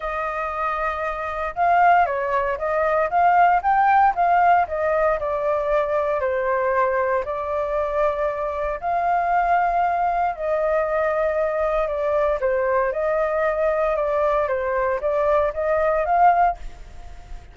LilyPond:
\new Staff \with { instrumentName = "flute" } { \time 4/4 \tempo 4 = 116 dis''2. f''4 | cis''4 dis''4 f''4 g''4 | f''4 dis''4 d''2 | c''2 d''2~ |
d''4 f''2. | dis''2. d''4 | c''4 dis''2 d''4 | c''4 d''4 dis''4 f''4 | }